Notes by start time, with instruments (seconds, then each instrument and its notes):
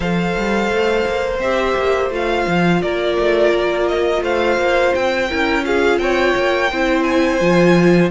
0.00 cello F3, viola A4, violin C5 F5
0.36 cello G3
0.70 cello A3
1.06 cello A#3
1.39 cello C4, viola G4, violin E5
1.76 cello A#3
2.10 cello A3, viola F4, violin F5
2.47 cello F3
2.82 cello A#3, violin A#4 D5
3.19 cello A3
3.53 cello A#3
3.87 violin D#5
4.21 cello A3, violin C5 F5
4.57 cello A#3
4.94 cello C4, violin G5
5.29 cello C#4, viola E4, violin A#4
5.63 viola F4, violin G#4 F5
5.98 cello C4, violin C#5 G5
6.36 cello A#3
6.71 cello C4, viola E4, violin C5
7.02 violin G#5
7.40 cello F3, viola F4